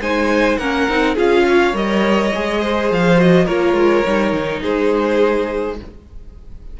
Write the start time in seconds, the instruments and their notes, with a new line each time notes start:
0.00 cello G#3, viola D#4, violin C5 G#5
0.57 cello A#3, viola C#4, violin A#4 F#5
0.88 cello C4, viola D#4
1.15 cello C#4, viola F4, violin G#4 F5
1.48 violin C#5
1.73 cello G3, viola A#4, violin D#5
2.34 cello G#3, viola G#4
2.61 violin C5
2.91 cello F3, violin F5
3.17 viola F#4, violin D#5
3.45 cello A#3, viola F4, violin A#4 C#5
3.73 cello G#3
4.05 cello G3, viola D#4
4.32 cello D#3
4.61 cello G#3, violin G#4 C5